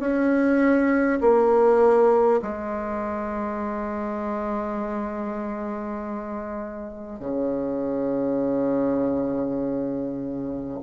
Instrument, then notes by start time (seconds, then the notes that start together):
bassoon
0.00 C#4
1.21 A#3
2.42 G#3
7.20 C#3